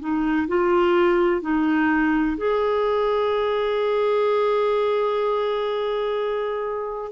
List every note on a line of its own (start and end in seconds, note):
0.00 0.48 D#4
0.48 1.42 F4
1.42 2.37 D#4
2.38 7.12 G#4